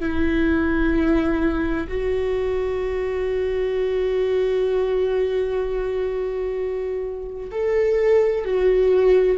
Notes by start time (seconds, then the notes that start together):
0.00 E4
1.88 F#4
7.51 A4
8.45 F#4